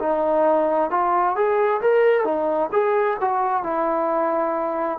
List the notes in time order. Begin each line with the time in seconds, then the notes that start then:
0.00 D#4
0.90 F4
1.36 G#4
1.82 A#4
2.25 D#4
2.72 G#4
3.21 F#4
3.64 E4